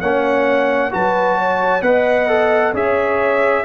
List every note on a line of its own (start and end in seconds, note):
0.00 0.91 A#3
0.00 0.91 C#4
0.00 0.91 C#5
0.00 0.91 F#5
0.91 1.81 F#3
0.91 1.81 F#4
0.91 1.38 B4
0.91 1.82 A5
1.38 1.83 C#5
1.81 2.72 B3
1.81 2.27 B4
1.81 2.73 D#5
1.81 2.73 F#5
2.27 2.73 A4
2.73 3.64 C#4
2.73 3.64 G#4
2.73 3.64 C#5
2.73 3.65 E5